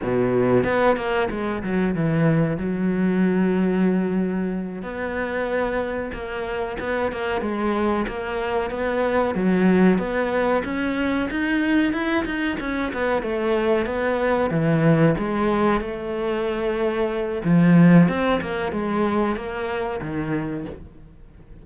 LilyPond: \new Staff \with { instrumentName = "cello" } { \time 4/4 \tempo 4 = 93 b,4 b8 ais8 gis8 fis8 e4 | fis2.~ fis8 b8~ | b4. ais4 b8 ais8 gis8~ | gis8 ais4 b4 fis4 b8~ |
b8 cis'4 dis'4 e'8 dis'8 cis'8 | b8 a4 b4 e4 gis8~ | gis8 a2~ a8 f4 | c'8 ais8 gis4 ais4 dis4 | }